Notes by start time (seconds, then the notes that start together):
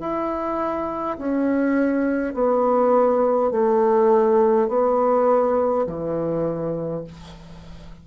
0.00 E4
1.18 C#4
2.34 B3
3.51 A3
4.68 B3
5.87 E3